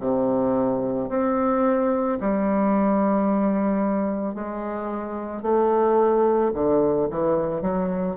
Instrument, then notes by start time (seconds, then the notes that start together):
bassoon
0.00 C3
1.09 C4
2.20 G3
4.34 G#3
5.42 A3
6.54 D3
7.10 E3
7.61 F#3